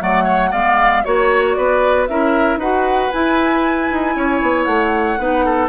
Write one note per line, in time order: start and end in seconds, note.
0.00 0.53 F#3
0.00 0.52 A3
0.00 0.24 D5
0.00 0.53 F#5
0.24 0.50 C#5
0.51 1.05 G#3
0.51 1.05 B3
0.51 1.03 D5
0.51 1.04 F5
1.05 1.57 A#3
1.05 2.08 F#4
1.05 1.54 C#5
1.05 1.57 C#5
1.54 2.09 B3
1.54 2.09 B4
1.54 2.05 D5
2.08 2.57 C#4
2.08 2.61 E4
2.08 2.59 A#4
2.08 2.59 E5
2.57 3.09 D#4
2.57 3.12 F#4
2.57 4.14 B4
2.57 3.12 F#5
3.12 5.19 E4
3.12 3.91 E4
3.12 4.64 G#5
3.91 4.16 D#4
4.16 4.41 C#4
4.16 5.20 C#5
4.42 4.67 B3
4.64 5.18 A3
4.64 5.68 F#5
5.18 5.69 B3
5.18 5.69 D#4
5.18 5.45 B4
5.45 5.69 A4